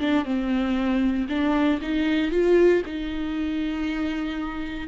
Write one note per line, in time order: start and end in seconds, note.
0.00 0.25 D4
0.25 1.28 C4
1.29 1.80 D4
1.82 2.31 D#4
2.31 2.83 F4
2.86 4.88 D#4